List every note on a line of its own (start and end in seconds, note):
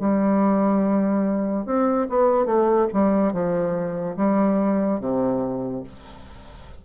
0.00 1.66 G3
1.66 2.08 C4
2.09 2.46 B3
2.46 2.87 A3
2.94 3.33 G3
3.33 4.16 F3
4.17 5.00 G3
5.00 5.83 C3